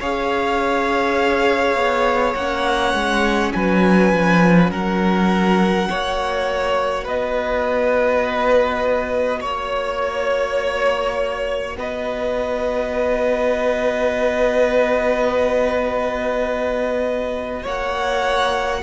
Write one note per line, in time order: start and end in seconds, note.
0.00 1.75 C#4
0.00 2.37 G#4
0.00 3.53 C#5
0.00 2.34 F5
1.75 2.34 B3
2.34 2.93 A#3
2.34 5.90 C#4
2.34 3.52 F#5
2.93 3.52 G#3
3.53 4.13 F#3
3.53 4.71 B4
3.53 4.70 G#5
4.13 4.71 F3
4.71 5.88 F#3
4.71 5.88 A#4
4.71 7.07 F#5
5.89 7.07 A#3
5.89 18.83 F#4
5.89 7.04 C#5
7.04 9.42 B3
7.04 9.39 B4
7.04 9.42 D#5
9.40 11.76 A#3
9.40 11.76 C#5
9.40 11.77 C#5
11.76 17.65 B3
11.76 17.62 B4
11.76 17.67 D#5
17.62 18.83 A#3
17.62 18.80 C#5
17.62 18.83 F#5